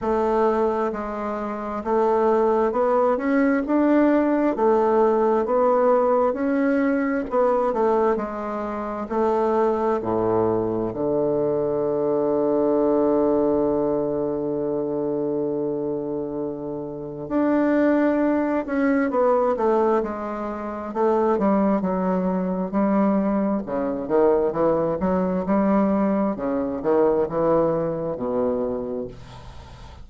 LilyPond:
\new Staff \with { instrumentName = "bassoon" } { \time 4/4 \tempo 4 = 66 a4 gis4 a4 b8 cis'8 | d'4 a4 b4 cis'4 | b8 a8 gis4 a4 a,4 | d1~ |
d2. d'4~ | d'8 cis'8 b8 a8 gis4 a8 g8 | fis4 g4 cis8 dis8 e8 fis8 | g4 cis8 dis8 e4 b,4 | }